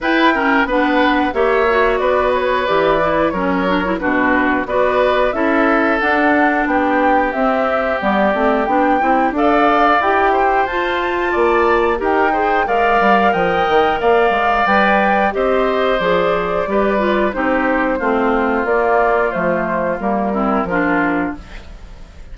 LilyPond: <<
  \new Staff \with { instrumentName = "flute" } { \time 4/4 \tempo 4 = 90 g''4 fis''4 e''4 d''8 cis''8 | d''4 cis''4 b'4 d''4 | e''4 fis''4 g''4 e''4 | d''4 g''4 f''4 g''4 |
a''2 g''4 f''4 | g''4 f''4 g''4 dis''4 | d''2 c''2 | d''4 c''4 ais'2 | }
  \new Staff \with { instrumentName = "oboe" } { \time 4/4 b'8 ais'8 b'4 cis''4 b'4~ | b'4 ais'4 fis'4 b'4 | a'2 g'2~ | g'2 d''4. c''8~ |
c''4 d''4 ais'8 c''8 d''4 | dis''4 d''2 c''4~ | c''4 b'4 g'4 f'4~ | f'2~ f'8 e'8 f'4 | }
  \new Staff \with { instrumentName = "clarinet" } { \time 4/4 e'8 cis'8 d'4 g'8 fis'4. | g'8 e'8 cis'8 d'16 e'16 d'4 fis'4 | e'4 d'2 c'4 | b8 c'8 d'8 e'8 a'4 g'4 |
f'2 g'8 gis'8 ais'4~ | ais'2 b'4 g'4 | gis'4 g'8 f'8 dis'4 c'4 | ais4 a4 ais8 c'8 d'4 | }
  \new Staff \with { instrumentName = "bassoon" } { \time 4/4 e'4 b4 ais4 b4 | e4 fis4 b,4 b4 | cis'4 d'4 b4 c'4 | g8 a8 b8 c'8 d'4 e'4 |
f'4 ais4 dis'4 gis8 g8 | f8 dis8 ais8 gis8 g4 c'4 | f4 g4 c'4 a4 | ais4 f4 g4 f4 | }
>>